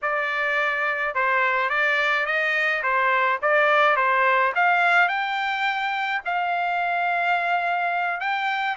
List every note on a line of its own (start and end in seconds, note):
0.02 1.14 D5
1.14 1.69 C5
1.69 2.25 D5
2.25 2.82 D#5
2.82 3.39 C5
3.41 3.96 D5
3.96 4.53 C5
4.55 5.08 F5
5.08 6.21 G5
6.25 8.20 F5
8.20 8.77 G5